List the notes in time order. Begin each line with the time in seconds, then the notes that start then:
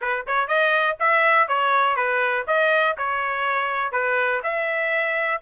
0.01 B4
0.26 C#5
0.47 D#5
0.99 E5
1.48 C#5
1.96 B4
2.47 D#5
2.97 C#5
3.92 B4
4.43 E5